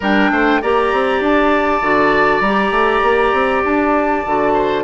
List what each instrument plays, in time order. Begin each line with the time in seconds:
0.00 bassoon G3, clarinet D4, oboe A#4, flute G5
0.30 bassoon A3, oboe C5
0.61 bassoon A#3, clarinet G4, oboe D5, flute A#5
0.92 bassoon C4
1.20 bassoon D4, flute A5
1.81 bassoon D3, clarinet F#4
2.40 bassoon G3, clarinet G4, flute A#5
2.70 bassoon A3
3.03 bassoon A#3
3.33 bassoon C4
3.64 bassoon D4, flute A5
4.25 bassoon D3, clarinet F#4
4.53 oboe C5